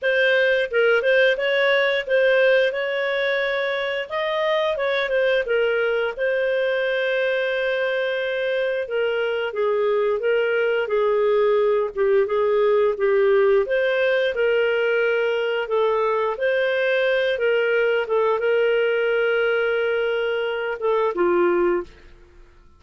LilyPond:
\new Staff \with { instrumentName = "clarinet" } { \time 4/4 \tempo 4 = 88 c''4 ais'8 c''8 cis''4 c''4 | cis''2 dis''4 cis''8 c''8 | ais'4 c''2.~ | c''4 ais'4 gis'4 ais'4 |
gis'4. g'8 gis'4 g'4 | c''4 ais'2 a'4 | c''4. ais'4 a'8 ais'4~ | ais'2~ ais'8 a'8 f'4 | }